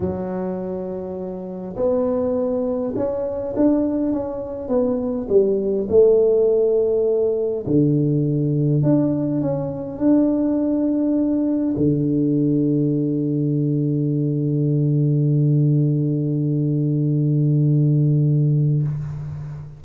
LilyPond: \new Staff \with { instrumentName = "tuba" } { \time 4/4 \tempo 4 = 102 fis2. b4~ | b4 cis'4 d'4 cis'4 | b4 g4 a2~ | a4 d2 d'4 |
cis'4 d'2. | d1~ | d1~ | d1 | }